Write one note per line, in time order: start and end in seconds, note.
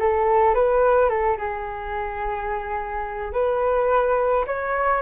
0.00 0.55 A4
0.55 1.09 B4
1.09 1.37 A4
1.38 3.33 G#4
3.33 4.45 B4
4.47 5.02 C#5